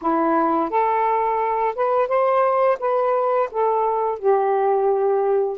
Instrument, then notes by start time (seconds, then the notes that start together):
saxophone
0.01 E4
0.70 A4
1.75 B4
2.08 C5
2.79 B4
3.51 A4
4.18 G4